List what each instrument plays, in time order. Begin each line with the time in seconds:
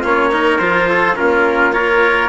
0.00 bassoon A#3, cello C#4, trumpet F4 C#5
0.31 cello D#4, trumpet A#4
0.58 bassoon F3, cello F4, trumpet C5
0.88 trumpet A4
1.16 bassoon A#3, cello C#4, trumpet F4 A#4
1.72 cello F4, trumpet A#4 C#5